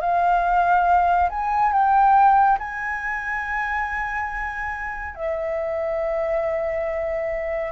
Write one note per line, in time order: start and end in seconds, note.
0.00 1.29 F5
1.29 1.72 G#5
1.72 2.58 G5
2.59 5.15 G#5
5.15 7.71 E5